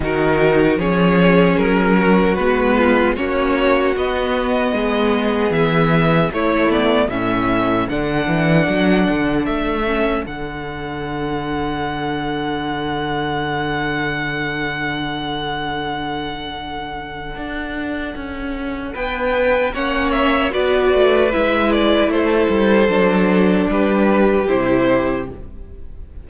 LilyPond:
<<
  \new Staff \with { instrumentName = "violin" } { \time 4/4 \tempo 4 = 76 ais'4 cis''4 ais'4 b'4 | cis''4 dis''2 e''4 | cis''8 d''8 e''4 fis''2 | e''4 fis''2.~ |
fis''1~ | fis''1 | g''4 fis''8 e''8 d''4 e''8 d''8 | c''2 b'4 c''4 | }
  \new Staff \with { instrumentName = "violin" } { \time 4/4 fis'4 gis'4. fis'4 f'8 | fis'2 gis'2 | e'4 a'2.~ | a'1~ |
a'1~ | a'1 | b'4 cis''4 b'2 | a'2 g'2 | }
  \new Staff \with { instrumentName = "viola" } { \time 4/4 dis'4 cis'2 b4 | cis'4 b2. | a8 b8 cis'4 d'2~ | d'8 cis'8 d'2.~ |
d'1~ | d'1~ | d'4 cis'4 fis'4 e'4~ | e'4 d'2 e'4 | }
  \new Staff \with { instrumentName = "cello" } { \time 4/4 dis4 f4 fis4 gis4 | ais4 b4 gis4 e4 | a4 a,4 d8 e8 fis8 d8 | a4 d2.~ |
d1~ | d2 d'4 cis'4 | b4 ais4 b8 a8 gis4 | a8 g8 fis4 g4 c4 | }
>>